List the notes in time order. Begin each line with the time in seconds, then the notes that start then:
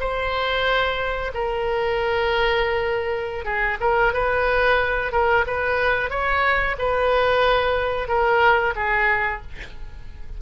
0.00 C5
1.34 A#4
3.45 G#4
3.80 A#4
4.14 B4
5.12 A#4
5.47 B4
6.10 C#5
6.79 B4
8.08 A#4
8.76 G#4